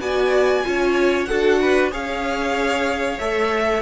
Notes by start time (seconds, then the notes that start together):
0.00 B3 F#4 D5 G#5
0.63 C#4 F4 C#5
1.25 D4 F#4 A4 F#5
1.62 B4
1.91 C#4 G#4 C#5 F5
3.19 A3 A4 E5